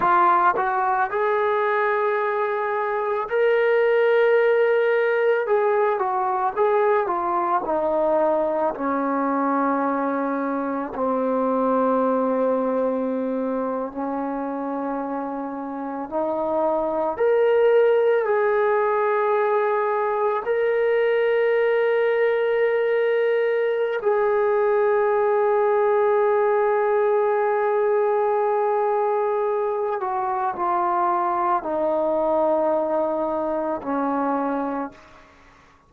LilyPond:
\new Staff \with { instrumentName = "trombone" } { \time 4/4 \tempo 4 = 55 f'8 fis'8 gis'2 ais'4~ | ais'4 gis'8 fis'8 gis'8 f'8 dis'4 | cis'2 c'2~ | c'8. cis'2 dis'4 ais'16~ |
ais'8. gis'2 ais'4~ ais'16~ | ais'2 gis'2~ | gis'2.~ gis'8 fis'8 | f'4 dis'2 cis'4 | }